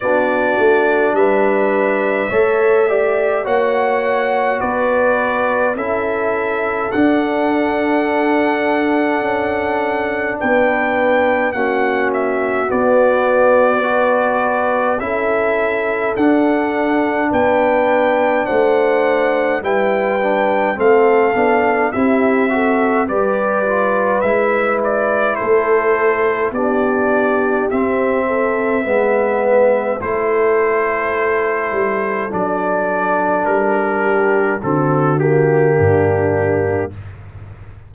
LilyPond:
<<
  \new Staff \with { instrumentName = "trumpet" } { \time 4/4 \tempo 4 = 52 d''4 e''2 fis''4 | d''4 e''4 fis''2~ | fis''4 g''4 fis''8 e''8 d''4~ | d''4 e''4 fis''4 g''4 |
fis''4 g''4 f''4 e''4 | d''4 e''8 d''8 c''4 d''4 | e''2 c''2 | d''4 ais'4 a'8 g'4. | }
  \new Staff \with { instrumentName = "horn" } { \time 4/4 fis'4 b'4 cis''8 d''8 cis''4 | b'4 a'2.~ | a'4 b'4 fis'2 | b'4 a'2 b'4 |
c''4 b'4 a'4 g'8 a'8 | b'2 a'4 g'4~ | g'8 a'8 b'4 a'2~ | a'4. g'8 fis'4 d'4 | }
  \new Staff \with { instrumentName = "trombone" } { \time 4/4 d'2 a'8 g'8 fis'4~ | fis'4 e'4 d'2~ | d'2 cis'4 b4 | fis'4 e'4 d'2~ |
d'4 e'8 d'8 c'8 d'8 e'8 fis'8 | g'8 f'8 e'2 d'4 | c'4 b4 e'2 | d'2 c'8 ais4. | }
  \new Staff \with { instrumentName = "tuba" } { \time 4/4 b8 a8 g4 a4 ais4 | b4 cis'4 d'2 | cis'4 b4 ais4 b4~ | b4 cis'4 d'4 b4 |
a4 g4 a8 b8 c'4 | g4 gis4 a4 b4 | c'4 gis4 a4. g8 | fis4 g4 d4 g,4 | }
>>